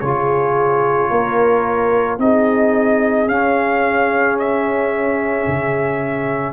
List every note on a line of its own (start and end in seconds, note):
0.00 1.10 C#3
0.00 2.19 F4
0.00 1.10 G#4
0.00 2.18 C#5
1.10 2.18 A#3
1.10 2.19 A#4
2.18 3.26 C4
2.18 3.27 D#4
2.18 6.53 G#4
2.18 3.28 D#5
3.26 5.45 C#4
3.26 6.53 C#4
3.26 4.37 F5
4.39 6.53 E5
5.47 6.53 C#3